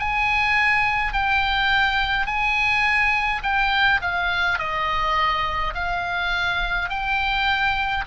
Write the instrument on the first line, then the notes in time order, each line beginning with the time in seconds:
oboe
0.00 G#5
1.13 G5
2.27 G#5
3.44 G5
4.02 F5
4.59 D#5
5.75 F5
6.90 G5